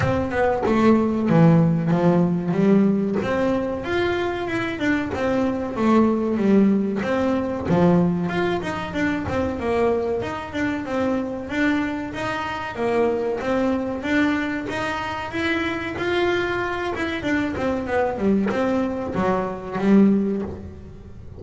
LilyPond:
\new Staff \with { instrumentName = "double bass" } { \time 4/4 \tempo 4 = 94 c'8 b8 a4 e4 f4 | g4 c'4 f'4 e'8 d'8 | c'4 a4 g4 c'4 | f4 f'8 dis'8 d'8 c'8 ais4 |
dis'8 d'8 c'4 d'4 dis'4 | ais4 c'4 d'4 dis'4 | e'4 f'4. e'8 d'8 c'8 | b8 g8 c'4 fis4 g4 | }